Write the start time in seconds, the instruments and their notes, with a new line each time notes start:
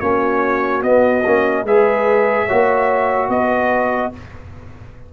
0.00 tuba A#3, trombone C#4, horn F#4, trumpet C#5
0.83 trombone B3, tuba B3, trumpet D#5
1.25 tuba A#3, trombone C#4
1.64 tuba G#3, trombone G#4, horn B4, trumpet E5
2.46 tuba A#3, trombone F#4, horn C#5
3.29 tuba B3, horn B4, trumpet D#5